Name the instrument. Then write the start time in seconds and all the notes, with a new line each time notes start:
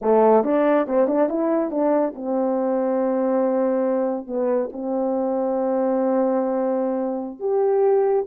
horn
0.01 A3
0.44 D4
0.87 C4
1.07 D4
1.29 E4
1.70 D4
2.15 C4
4.26 B3
4.72 C4
7.39 G4